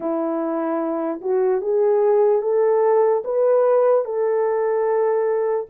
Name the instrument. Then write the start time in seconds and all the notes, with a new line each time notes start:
horn
0.00 E4
1.21 F#4
1.61 G#4
2.41 A4
3.24 B4
4.04 A4